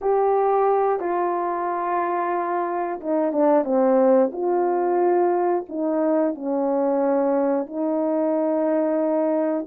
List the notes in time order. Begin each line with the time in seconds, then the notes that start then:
0.01 G4
0.99 F4
3.00 D#4
3.32 D4
3.64 C4
4.32 F4
5.68 D#4
6.35 C#4
7.66 D#4